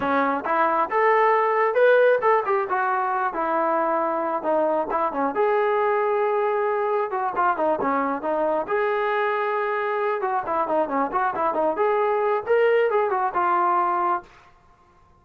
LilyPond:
\new Staff \with { instrumentName = "trombone" } { \time 4/4 \tempo 4 = 135 cis'4 e'4 a'2 | b'4 a'8 g'8 fis'4. e'8~ | e'2 dis'4 e'8 cis'8 | gis'1 |
fis'8 f'8 dis'8 cis'4 dis'4 gis'8~ | gis'2. fis'8 e'8 | dis'8 cis'8 fis'8 e'8 dis'8 gis'4. | ais'4 gis'8 fis'8 f'2 | }